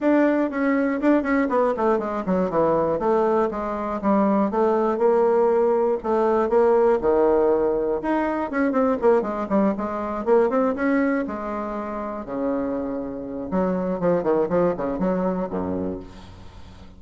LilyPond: \new Staff \with { instrumentName = "bassoon" } { \time 4/4 \tempo 4 = 120 d'4 cis'4 d'8 cis'8 b8 a8 | gis8 fis8 e4 a4 gis4 | g4 a4 ais2 | a4 ais4 dis2 |
dis'4 cis'8 c'8 ais8 gis8 g8 gis8~ | gis8 ais8 c'8 cis'4 gis4.~ | gis8 cis2~ cis8 fis4 | f8 dis8 f8 cis8 fis4 fis,4 | }